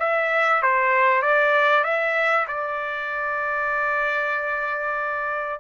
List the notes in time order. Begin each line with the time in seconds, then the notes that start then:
0.00 E5
0.63 C5
1.22 D5
1.84 E5
2.48 D5